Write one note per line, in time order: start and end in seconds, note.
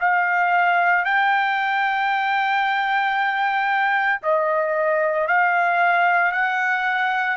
0.00 1.05 F5
1.05 4.21 G5
4.22 5.27 D#5
5.27 6.32 F5
6.32 7.36 F#5